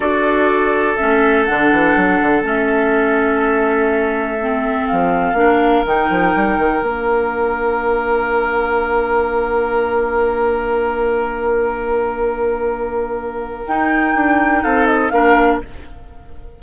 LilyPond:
<<
  \new Staff \with { instrumentName = "flute" } { \time 4/4 \tempo 4 = 123 d''2 e''4 fis''4~ | fis''4 e''2.~ | e''2 f''2 | g''2 f''2~ |
f''1~ | f''1~ | f''1 | g''2 f''8 dis''8 f''4 | }
  \new Staff \with { instrumentName = "oboe" } { \time 4/4 a'1~ | a'1~ | a'2. ais'4~ | ais'1~ |
ais'1~ | ais'1~ | ais'1~ | ais'2 a'4 ais'4 | }
  \new Staff \with { instrumentName = "clarinet" } { \time 4/4 fis'2 cis'4 d'4~ | d'4 cis'2.~ | cis'4 c'2 d'4 | dis'2 d'2~ |
d'1~ | d'1~ | d'1 | dis'2. d'4 | }
  \new Staff \with { instrumentName = "bassoon" } { \time 4/4 d'2 a4 d8 e8 | fis8 d8 a2.~ | a2 f4 ais4 | dis8 f8 g8 dis8 ais2~ |
ais1~ | ais1~ | ais1 | dis'4 d'4 c'4 ais4 | }
>>